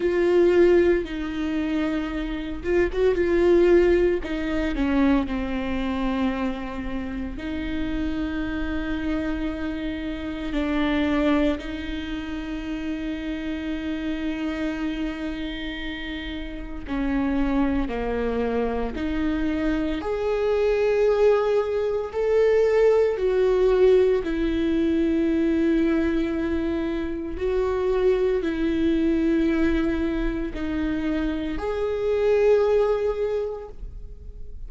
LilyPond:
\new Staff \with { instrumentName = "viola" } { \time 4/4 \tempo 4 = 57 f'4 dis'4. f'16 fis'16 f'4 | dis'8 cis'8 c'2 dis'4~ | dis'2 d'4 dis'4~ | dis'1 |
cis'4 ais4 dis'4 gis'4~ | gis'4 a'4 fis'4 e'4~ | e'2 fis'4 e'4~ | e'4 dis'4 gis'2 | }